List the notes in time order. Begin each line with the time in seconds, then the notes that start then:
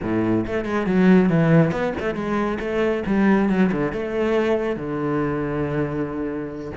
0.02 A2
0.46 A3
0.64 G#3
0.86 F#3
1.29 E3
1.71 B3
1.99 A3
2.15 G#3
2.59 A3
3.06 G3
3.49 F#3
3.72 D3
3.92 A3
4.76 D3